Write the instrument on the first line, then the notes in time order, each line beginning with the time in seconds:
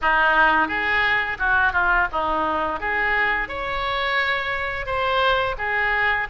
oboe
0.01 D#4
0.68 G#4
1.39 F#4
1.72 F4
2.12 D#4
2.80 G#4
3.48 C#5
4.86 C5
5.58 G#4